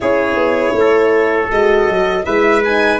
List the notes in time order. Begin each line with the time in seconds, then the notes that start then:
0.00 C#4 E4 G#4 C#5
0.35 B3
0.73 A3
0.79 A4
1.50 G#3 F#4 D#5
1.88 F#3
2.24 G#3 E4 B4 E5
2.64 D#4 G#5